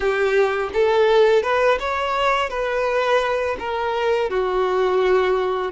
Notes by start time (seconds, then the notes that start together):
0.00 G4
0.73 A4
1.43 B4
1.79 C#5
2.49 B4
3.59 A#4
4.30 F#4